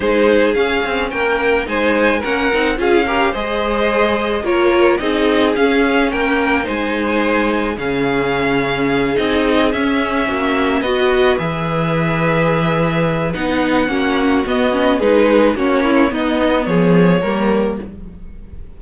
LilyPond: <<
  \new Staff \with { instrumentName = "violin" } { \time 4/4 \tempo 4 = 108 c''4 f''4 g''4 gis''4 | fis''4 f''4 dis''2 | cis''4 dis''4 f''4 g''4 | gis''2 f''2~ |
f''8 dis''4 e''2 dis''8~ | dis''8 e''2.~ e''8 | fis''2 dis''4 b'4 | cis''4 dis''4 cis''2 | }
  \new Staff \with { instrumentName = "violin" } { \time 4/4 gis'2 ais'4 c''4 | ais'4 gis'8 ais'8 c''2 | ais'4 gis'2 ais'4 | c''2 gis'2~ |
gis'2~ gis'8 fis'4 b'8~ | b'1~ | b'4 fis'2 gis'4 | fis'8 e'8 dis'4 gis'4 ais'4 | }
  \new Staff \with { instrumentName = "viola" } { \time 4/4 dis'4 cis'2 dis'4 | cis'8 dis'8 f'8 g'8 gis'2 | f'4 dis'4 cis'2 | dis'2 cis'2~ |
cis'8 dis'4 cis'2 fis'8~ | fis'8 gis'2.~ gis'8 | dis'4 cis'4 b8 cis'8 dis'4 | cis'4 b2 ais4 | }
  \new Staff \with { instrumentName = "cello" } { \time 4/4 gis4 cis'8 c'8 ais4 gis4 | ais8 c'8 cis'4 gis2 | ais4 c'4 cis'4 ais4 | gis2 cis2~ |
cis8 c'4 cis'4 ais4 b8~ | b8 e2.~ e8 | b4 ais4 b4 gis4 | ais4 b4 f4 g4 | }
>>